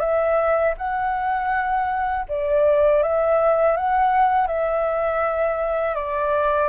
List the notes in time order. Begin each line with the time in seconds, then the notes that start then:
0.00 E5
0.78 F#5
2.29 D5
3.03 E5
3.77 F#5
4.47 E5
5.95 D5